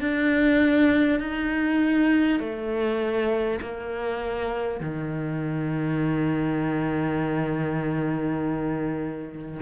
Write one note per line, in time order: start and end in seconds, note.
0.00 1.19 D4
1.19 2.39 D#4
2.39 3.59 A3
3.61 4.80 A#3
4.80 9.60 D#3